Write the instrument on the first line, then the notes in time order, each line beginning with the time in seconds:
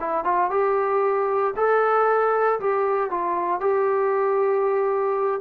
trombone
0.00 E4
0.24 F4
0.51 G4
1.56 A4
2.60 G4
3.10 F4
3.61 G4